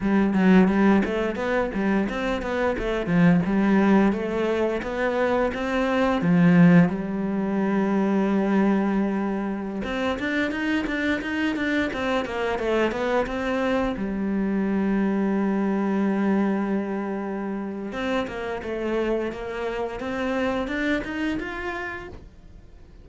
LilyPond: \new Staff \with { instrumentName = "cello" } { \time 4/4 \tempo 4 = 87 g8 fis8 g8 a8 b8 g8 c'8 b8 | a8 f8 g4 a4 b4 | c'4 f4 g2~ | g2~ g16 c'8 d'8 dis'8 d'16~ |
d'16 dis'8 d'8 c'8 ais8 a8 b8 c'8.~ | c'16 g2.~ g8.~ | g2 c'8 ais8 a4 | ais4 c'4 d'8 dis'8 f'4 | }